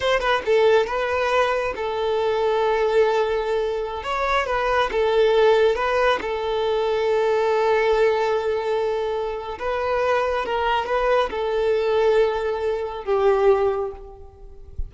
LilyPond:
\new Staff \with { instrumentName = "violin" } { \time 4/4 \tempo 4 = 138 c''8 b'8 a'4 b'2 | a'1~ | a'4~ a'16 cis''4 b'4 a'8.~ | a'4~ a'16 b'4 a'4.~ a'16~ |
a'1~ | a'2 b'2 | ais'4 b'4 a'2~ | a'2 g'2 | }